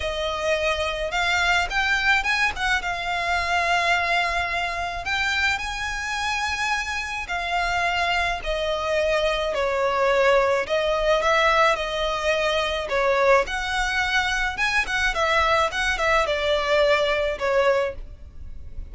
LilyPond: \new Staff \with { instrumentName = "violin" } { \time 4/4 \tempo 4 = 107 dis''2 f''4 g''4 | gis''8 fis''8 f''2.~ | f''4 g''4 gis''2~ | gis''4 f''2 dis''4~ |
dis''4 cis''2 dis''4 | e''4 dis''2 cis''4 | fis''2 gis''8 fis''8 e''4 | fis''8 e''8 d''2 cis''4 | }